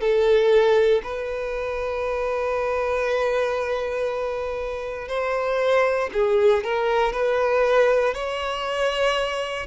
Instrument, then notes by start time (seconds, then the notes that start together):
violin
0.00 A4
1.03 B4
5.08 C5
6.13 G#4
6.63 A#4
7.12 B4
8.14 C#5